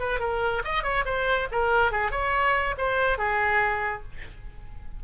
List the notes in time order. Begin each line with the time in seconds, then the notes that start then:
0.00 B4
0.20 A#4
0.64 D#5
0.83 C#5
1.05 C5
1.52 A#4
1.92 G#4
2.12 C#5
2.78 C5
3.18 G#4